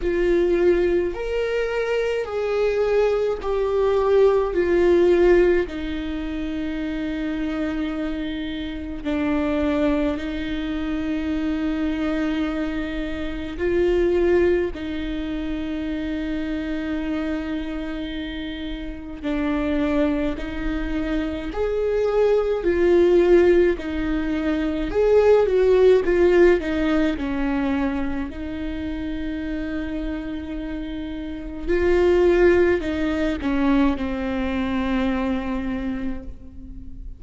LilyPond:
\new Staff \with { instrumentName = "viola" } { \time 4/4 \tempo 4 = 53 f'4 ais'4 gis'4 g'4 | f'4 dis'2. | d'4 dis'2. | f'4 dis'2.~ |
dis'4 d'4 dis'4 gis'4 | f'4 dis'4 gis'8 fis'8 f'8 dis'8 | cis'4 dis'2. | f'4 dis'8 cis'8 c'2 | }